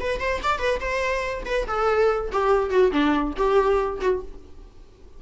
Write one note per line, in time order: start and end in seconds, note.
0.00 0.20 B4
0.20 0.41 C5
0.43 0.59 D5
0.59 0.80 B4
0.80 1.43 C5
1.46 1.67 B4
1.67 2.31 A4
2.32 2.70 G4
2.70 2.92 F#4
2.92 3.34 D4
3.36 4.00 G4
4.01 4.22 F#4